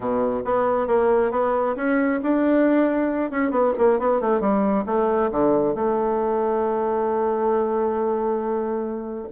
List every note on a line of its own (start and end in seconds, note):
0.00 0.42 B2
0.44 0.87 B3
0.87 1.31 A#3
1.31 1.75 B3
1.76 2.20 C#4
2.22 3.30 D4
3.30 3.51 C#4
3.51 3.73 B3
3.78 3.99 A#3
3.99 4.20 B3
4.20 4.40 A3
4.40 4.84 G3
4.86 5.30 A3
5.31 5.74 D3
5.74 9.27 A3